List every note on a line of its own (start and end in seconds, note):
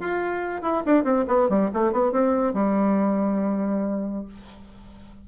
0.00 0.62 F4
0.62 0.83 E4
0.86 1.04 D4
1.04 1.25 C4
1.28 1.49 B3
1.49 1.70 G3
1.74 1.92 A3
1.92 2.12 B3
2.12 2.54 C4
2.54 4.25 G3